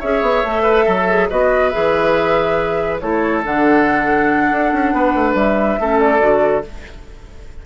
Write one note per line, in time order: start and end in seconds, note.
0.00 0.22 C#4
0.00 0.45 G#4
0.00 0.63 C#5
0.00 1.29 E5
0.22 0.43 B3
0.43 0.86 A3
0.43 1.09 A4
0.63 0.84 B4
0.85 1.30 F#3
0.85 1.28 A4
1.09 1.31 G#4
1.30 1.74 B3
1.30 1.72 F#4
1.30 3.01 B4
1.30 1.70 D#5
1.70 3.02 E3
1.70 3.00 G#4
1.70 2.98 E5
3.00 3.44 A3
3.00 3.43 E4
3.00 4.95 A4
3.00 3.43 C#5
3.43 4.51 D3
3.43 5.79 D4
3.43 5.36 F#5
4.51 4.72 D4
4.73 4.93 C#4
4.93 5.14 B3
4.93 5.80 B4
5.15 5.35 A3
5.35 5.77 G3
5.35 6.00 E5
5.80 6.21 A3
5.80 6.19 C#4
5.80 6.66 A4
6.00 6.64 D5
6.19 6.64 D3
6.19 6.62 F#4